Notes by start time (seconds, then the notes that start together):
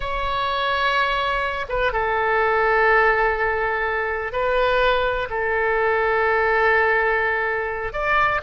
0.00 C#5
1.68 B4
1.92 A4
4.32 B4
5.30 A4
7.92 D5